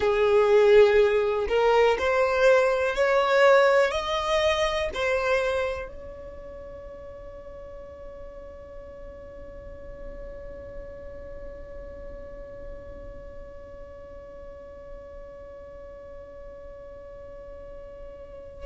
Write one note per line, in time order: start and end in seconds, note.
0.00 1.47 G#4
1.48 1.97 A#4
1.98 2.95 C5
2.95 3.91 C#5
3.91 4.89 D#5
4.94 5.88 C5
5.88 18.66 C#5